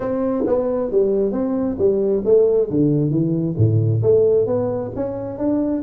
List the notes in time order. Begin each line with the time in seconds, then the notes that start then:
0.00 C4
0.46 B3
0.91 G3
1.32 C4
1.78 G3
2.24 A3
2.69 D3
3.10 E3
3.57 A2
4.02 A3
4.46 B3
4.95 C#4
5.38 D4